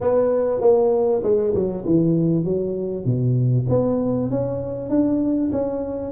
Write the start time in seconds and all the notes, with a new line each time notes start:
0.00 B3
0.60 A#3
1.23 G#3
1.54 F#3
1.85 E3
2.44 F#3
3.05 B2
3.69 B3
4.30 C#4
4.89 D4
5.51 C#4